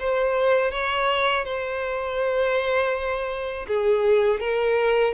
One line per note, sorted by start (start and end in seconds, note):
0.00 0.72 C5
0.72 1.44 C#5
1.44 3.67 C5
3.68 4.40 G#4
4.40 5.14 A#4